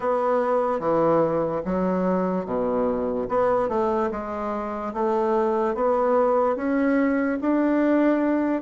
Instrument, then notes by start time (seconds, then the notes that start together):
bassoon
0.00 B3
0.79 E3
1.65 F#3
2.45 B2
3.28 B3
3.68 A3
4.11 G#3
4.93 A3
5.74 B3
6.56 C#4
7.41 D4